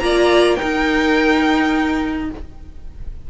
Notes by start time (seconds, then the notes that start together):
0.00 A#3 F4 D5 A#5
0.56 D#4 A#4 G5
0.62 D#4